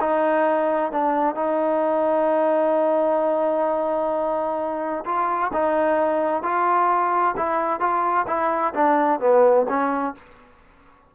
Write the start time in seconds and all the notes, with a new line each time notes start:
0.00 D#4
0.92 D4
1.35 D#4
5.05 F4
5.53 D#4
6.43 F4
7.36 E4
7.80 F4
8.27 E4
8.74 D4
9.20 B3
9.69 C#4